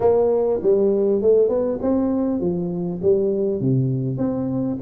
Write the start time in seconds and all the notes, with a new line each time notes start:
0.00 A#3
0.62 G3
1.21 A3
1.48 B3
1.81 C4
2.40 F3
3.02 G3
3.60 C3
4.17 C4